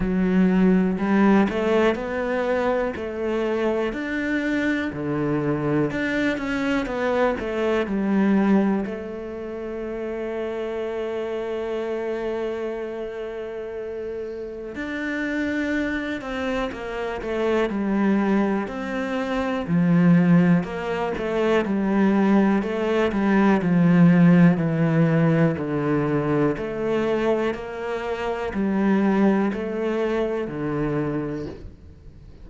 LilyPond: \new Staff \with { instrumentName = "cello" } { \time 4/4 \tempo 4 = 61 fis4 g8 a8 b4 a4 | d'4 d4 d'8 cis'8 b8 a8 | g4 a2.~ | a2. d'4~ |
d'8 c'8 ais8 a8 g4 c'4 | f4 ais8 a8 g4 a8 g8 | f4 e4 d4 a4 | ais4 g4 a4 d4 | }